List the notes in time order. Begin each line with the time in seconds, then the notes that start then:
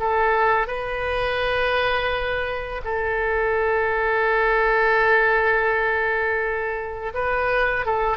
0.00 A4
0.68 B4
2.85 A4
7.14 B4
7.86 A4